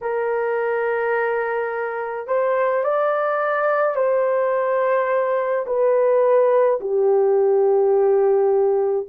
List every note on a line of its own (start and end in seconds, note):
0.01 2.27 A#4
2.27 2.84 C5
2.84 3.95 D5
3.95 5.65 C5
5.66 6.79 B4
6.80 9.06 G4